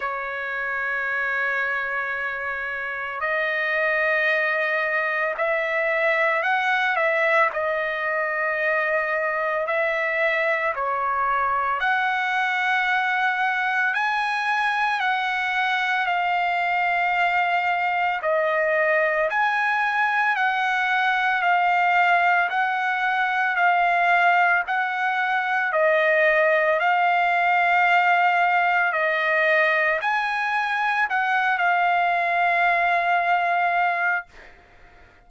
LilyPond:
\new Staff \with { instrumentName = "trumpet" } { \time 4/4 \tempo 4 = 56 cis''2. dis''4~ | dis''4 e''4 fis''8 e''8 dis''4~ | dis''4 e''4 cis''4 fis''4~ | fis''4 gis''4 fis''4 f''4~ |
f''4 dis''4 gis''4 fis''4 | f''4 fis''4 f''4 fis''4 | dis''4 f''2 dis''4 | gis''4 fis''8 f''2~ f''8 | }